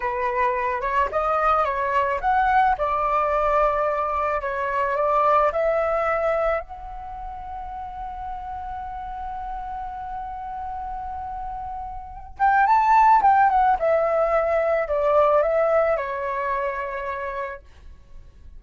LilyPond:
\new Staff \with { instrumentName = "flute" } { \time 4/4 \tempo 4 = 109 b'4. cis''8 dis''4 cis''4 | fis''4 d''2. | cis''4 d''4 e''2 | fis''1~ |
fis''1~ | fis''2~ fis''8 g''8 a''4 | g''8 fis''8 e''2 d''4 | e''4 cis''2. | }